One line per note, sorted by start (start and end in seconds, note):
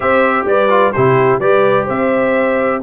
0.00 0.44 C4
0.00 0.68 G4
0.00 0.46 C5
0.00 0.46 E5
0.44 0.91 G3
0.44 0.93 B4
0.44 0.92 D5
0.68 0.92 F4
0.92 1.38 C3
0.92 1.41 E4
0.92 1.39 G4
0.92 1.39 C5
1.38 1.85 G3
1.38 2.82 G4
1.38 1.84 B4
1.38 1.86 D5
1.84 2.82 C4
1.84 2.78 C5
1.84 2.82 E5